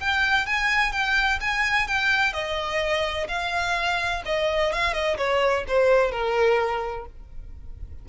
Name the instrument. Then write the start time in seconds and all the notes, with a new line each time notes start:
violin
0.00 G5
0.47 G#5
0.93 G5
1.41 G#5
1.88 G5
2.33 D#5
3.28 F5
4.26 D#5
4.73 F5
4.94 D#5
5.18 C#5
5.68 C5
6.12 A#4